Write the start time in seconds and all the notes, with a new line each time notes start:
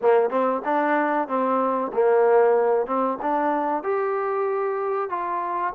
0.01 A#3
0.30 C4
0.64 D4
1.28 C4
1.93 A#3
2.86 C4
3.21 D4
3.83 G4
5.09 F4